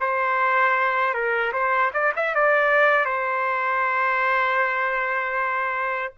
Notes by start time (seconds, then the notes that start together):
0.00 C5
1.14 A#4
1.52 C5
1.93 D5
2.16 E5
2.34 D5
3.05 C5